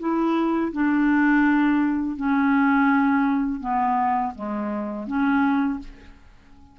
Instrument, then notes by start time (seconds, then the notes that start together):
clarinet
0.00 E4
0.73 D4
2.17 C#4
3.61 B3
4.35 G#3
5.07 C#4